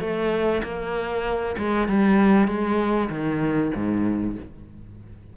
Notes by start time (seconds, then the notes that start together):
0.00 A3
0.63 A#3
1.58 G#3
1.88 G3
2.47 G#3
3.10 D#3
3.75 G#2